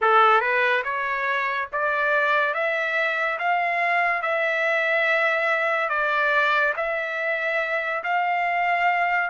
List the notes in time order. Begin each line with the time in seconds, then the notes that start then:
0.01 A4
0.40 B4
0.84 C#5
1.72 D5
2.54 E5
3.38 F5
4.21 E5
5.89 D5
6.76 E5
8.03 F5